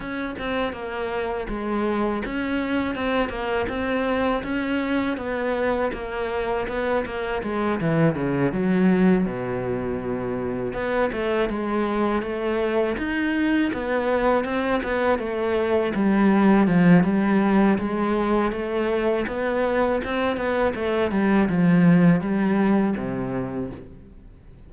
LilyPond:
\new Staff \with { instrumentName = "cello" } { \time 4/4 \tempo 4 = 81 cis'8 c'8 ais4 gis4 cis'4 | c'8 ais8 c'4 cis'4 b4 | ais4 b8 ais8 gis8 e8 cis8 fis8~ | fis8 b,2 b8 a8 gis8~ |
gis8 a4 dis'4 b4 c'8 | b8 a4 g4 f8 g4 | gis4 a4 b4 c'8 b8 | a8 g8 f4 g4 c4 | }